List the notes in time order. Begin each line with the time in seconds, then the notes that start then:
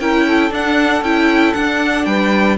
0.00 C#4 E4 A#4 G5
0.26 A4
0.51 D4 F#5
1.02 C#4 E4 G5
1.54 D4 F#5
2.05 G3 B4 G5